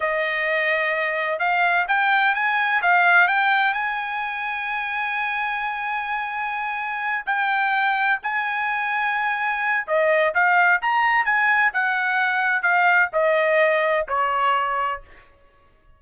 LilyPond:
\new Staff \with { instrumentName = "trumpet" } { \time 4/4 \tempo 4 = 128 dis''2. f''4 | g''4 gis''4 f''4 g''4 | gis''1~ | gis''2.~ gis''8 g''8~ |
g''4. gis''2~ gis''8~ | gis''4 dis''4 f''4 ais''4 | gis''4 fis''2 f''4 | dis''2 cis''2 | }